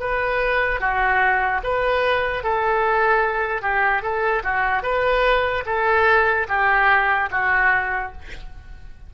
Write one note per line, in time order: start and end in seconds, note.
0.00 0.80 B4
0.80 1.61 F#4
1.64 2.44 B4
2.44 3.62 A4
3.62 4.02 G4
4.02 4.43 A4
4.43 4.83 F#4
4.83 5.64 B4
5.66 6.47 A4
6.48 7.29 G4
7.31 8.12 F#4